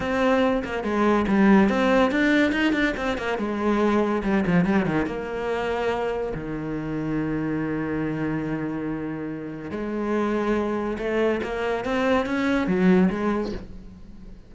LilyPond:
\new Staff \with { instrumentName = "cello" } { \time 4/4 \tempo 4 = 142 c'4. ais8 gis4 g4 | c'4 d'4 dis'8 d'8 c'8 ais8 | gis2 g8 f8 g8 dis8 | ais2. dis4~ |
dis1~ | dis2. gis4~ | gis2 a4 ais4 | c'4 cis'4 fis4 gis4 | }